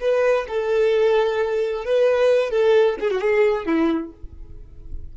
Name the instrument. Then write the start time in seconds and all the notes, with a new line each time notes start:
violin
0.00 B4
0.48 A4
1.84 B4
2.50 A4
3.00 G#4
3.10 F#4
3.21 G#4
3.66 E4